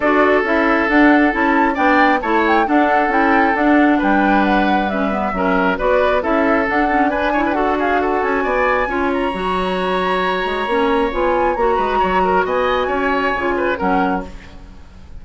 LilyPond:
<<
  \new Staff \with { instrumentName = "flute" } { \time 4/4 \tempo 4 = 135 d''4 e''4 fis''4 a''4 | g''4 a''8 g''8 fis''4 g''4 | fis''4 g''4 fis''4 e''4~ | e''4 d''4 e''4 fis''4 |
gis''4 fis''8 f''8 fis''8 gis''4.~ | gis''8 ais''2.~ ais''8~ | ais''4 gis''4 ais''2 | gis''2. fis''4 | }
  \new Staff \with { instrumentName = "oboe" } { \time 4/4 a'1 | d''4 cis''4 a'2~ | a'4 b'2. | ais'4 b'4 a'2 |
b'8 cis''16 b'16 a'8 gis'8 a'4 d''4 | cis''1~ | cis''2~ cis''8 b'8 cis''8 ais'8 | dis''4 cis''4. b'8 ais'4 | }
  \new Staff \with { instrumentName = "clarinet" } { \time 4/4 fis'4 e'4 d'4 e'4 | d'4 e'4 d'4 e'4 | d'2. cis'8 b8 | cis'4 fis'4 e'4 d'8 cis'8 |
d'8 e'8 fis'2. | f'4 fis'2. | cis'4 f'4 fis'2~ | fis'2 f'4 cis'4 | }
  \new Staff \with { instrumentName = "bassoon" } { \time 4/4 d'4 cis'4 d'4 cis'4 | b4 a4 d'4 cis'4 | d'4 g2. | fis4 b4 cis'4 d'4~ |
d'2~ d'8 cis'8 b4 | cis'4 fis2~ fis8 gis8 | ais4 b4 ais8 gis8 fis4 | b4 cis'4 cis4 fis4 | }
>>